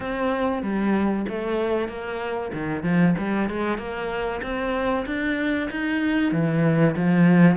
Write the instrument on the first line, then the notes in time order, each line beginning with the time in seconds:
cello
0.00 C4
0.62 G3
1.28 A3
1.88 A#3
2.53 D#3
2.83 F3
3.18 G3
3.49 G#3
3.78 A#3
4.42 C4
5.06 D4
5.70 D#4
6.32 E3
6.96 F3